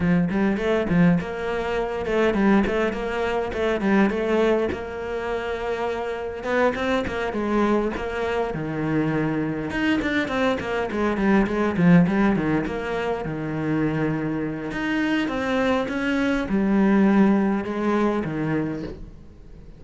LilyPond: \new Staff \with { instrumentName = "cello" } { \time 4/4 \tempo 4 = 102 f8 g8 a8 f8 ais4. a8 | g8 a8 ais4 a8 g8 a4 | ais2. b8 c'8 | ais8 gis4 ais4 dis4.~ |
dis8 dis'8 d'8 c'8 ais8 gis8 g8 gis8 | f8 g8 dis8 ais4 dis4.~ | dis4 dis'4 c'4 cis'4 | g2 gis4 dis4 | }